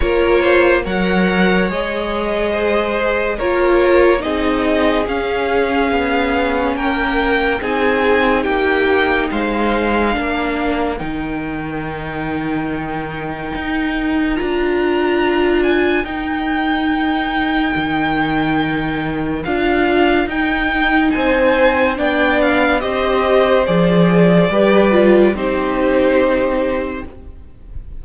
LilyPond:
<<
  \new Staff \with { instrumentName = "violin" } { \time 4/4 \tempo 4 = 71 cis''4 fis''4 dis''2 | cis''4 dis''4 f''2 | g''4 gis''4 g''4 f''4~ | f''4 g''2.~ |
g''4 ais''4. gis''8 g''4~ | g''2. f''4 | g''4 gis''4 g''8 f''8 dis''4 | d''2 c''2 | }
  \new Staff \with { instrumentName = "violin" } { \time 4/4 ais'8 c''8 cis''2 c''4 | ais'4 gis'2. | ais'4 gis'4 g'4 c''4 | ais'1~ |
ais'1~ | ais'1~ | ais'4 c''4 d''4 c''4~ | c''4 b'4 g'2 | }
  \new Staff \with { instrumentName = "viola" } { \time 4/4 f'4 ais'4 gis'2 | f'4 dis'4 cis'2~ | cis'4 dis'2. | d'4 dis'2.~ |
dis'4 f'2 dis'4~ | dis'2. f'4 | dis'2 d'4 g'4 | gis'4 g'8 f'8 dis'2 | }
  \new Staff \with { instrumentName = "cello" } { \time 4/4 ais4 fis4 gis2 | ais4 c'4 cis'4 b4 | ais4 c'4 ais4 gis4 | ais4 dis2. |
dis'4 d'2 dis'4~ | dis'4 dis2 d'4 | dis'4 c'4 b4 c'4 | f4 g4 c'2 | }
>>